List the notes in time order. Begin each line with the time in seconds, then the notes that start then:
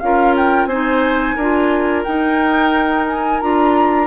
0.00 C#4 F4 A#4 F5
0.36 G5
0.65 C4 D#4 C5 G#5
1.36 D4 F4 A#4
2.03 D#4 G5
3.07 G#5
3.40 D4 F4 A#5